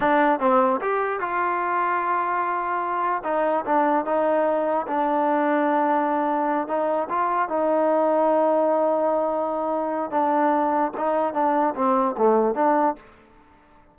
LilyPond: \new Staff \with { instrumentName = "trombone" } { \time 4/4 \tempo 4 = 148 d'4 c'4 g'4 f'4~ | f'1 | dis'4 d'4 dis'2 | d'1~ |
d'8 dis'4 f'4 dis'4.~ | dis'1~ | dis'4 d'2 dis'4 | d'4 c'4 a4 d'4 | }